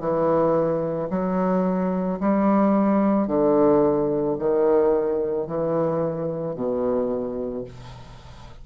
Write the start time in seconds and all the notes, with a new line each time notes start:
0.00 E3
1.11 F#3
2.20 G3
3.27 D3
4.39 D#3
5.47 E3
6.56 B2